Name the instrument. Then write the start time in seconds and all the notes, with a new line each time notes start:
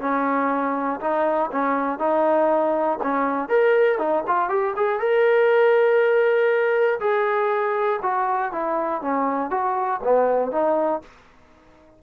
trombone
0.00 C#4
1.00 D#4
1.51 C#4
1.98 D#4
3.03 C#4
3.49 A#4
3.98 D#4
4.27 F4
4.49 G4
4.76 G#4
5.00 A#4
7.00 G#4
8.02 F#4
8.52 E4
9.02 C#4
9.50 F#4
10.03 B3
10.51 D#4